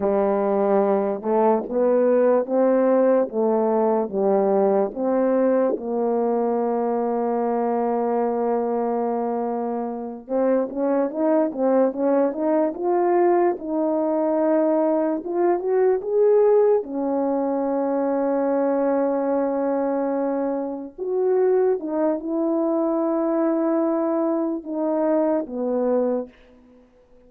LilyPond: \new Staff \with { instrumentName = "horn" } { \time 4/4 \tempo 4 = 73 g4. a8 b4 c'4 | a4 g4 c'4 ais4~ | ais1~ | ais8 c'8 cis'8 dis'8 c'8 cis'8 dis'8 f'8~ |
f'8 dis'2 f'8 fis'8 gis'8~ | gis'8 cis'2.~ cis'8~ | cis'4. fis'4 dis'8 e'4~ | e'2 dis'4 b4 | }